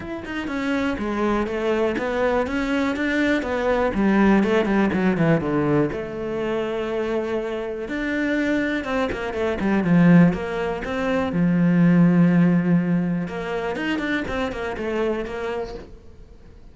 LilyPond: \new Staff \with { instrumentName = "cello" } { \time 4/4 \tempo 4 = 122 e'8 dis'8 cis'4 gis4 a4 | b4 cis'4 d'4 b4 | g4 a8 g8 fis8 e8 d4 | a1 |
d'2 c'8 ais8 a8 g8 | f4 ais4 c'4 f4~ | f2. ais4 | dis'8 d'8 c'8 ais8 a4 ais4 | }